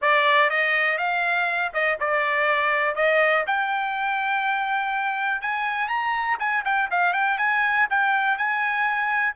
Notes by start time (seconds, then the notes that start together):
0.01 D5
0.50 D#5
0.98 F5
1.73 D#5
1.99 D5
2.95 D#5
3.46 G5
5.41 G#5
5.88 A#5
6.39 G#5
6.64 G5
6.91 F5
7.13 G5
7.38 G#5
7.90 G5
8.37 G#5